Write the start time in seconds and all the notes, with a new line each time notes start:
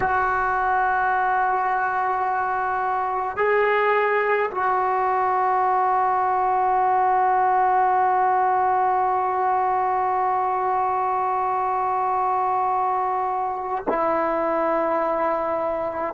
0.00 F#4
3.37 G#4
4.50 F#4
13.88 E4